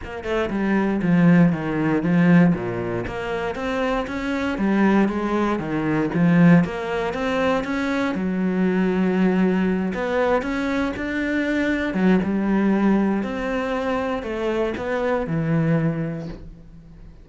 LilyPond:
\new Staff \with { instrumentName = "cello" } { \time 4/4 \tempo 4 = 118 ais8 a8 g4 f4 dis4 | f4 ais,4 ais4 c'4 | cis'4 g4 gis4 dis4 | f4 ais4 c'4 cis'4 |
fis2.~ fis8 b8~ | b8 cis'4 d'2 fis8 | g2 c'2 | a4 b4 e2 | }